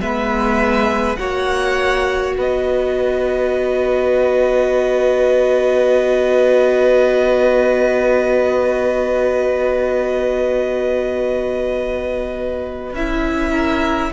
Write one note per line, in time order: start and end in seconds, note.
0.00 1.18 G#3
0.00 1.18 B3
0.00 1.19 B4
0.00 1.16 E5
1.16 2.36 A#3
1.16 12.95 F#4
1.16 2.37 C#5
1.16 2.34 F#5
2.38 12.93 B3
2.38 13.51 B4
2.38 12.95 D#5
12.93 14.11 C#4
12.93 14.13 E4
12.93 14.13 E5
13.51 14.10 A#4